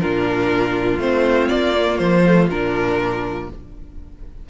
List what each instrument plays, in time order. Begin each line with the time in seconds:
0.00 cello A#2, viola D4, violin F4 A#4
0.98 cello A3, viola C4, violin C5
1.48 cello A#3, violin D5
1.74 viola A#3
1.98 cello F3, violin C5
2.26 viola A3
2.49 cello A#2, viola D4, violin A#4